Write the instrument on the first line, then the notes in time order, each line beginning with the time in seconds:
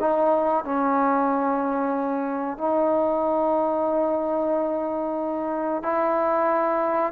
trombone
0.00 D#4
0.65 C#4
2.58 D#4
5.83 E4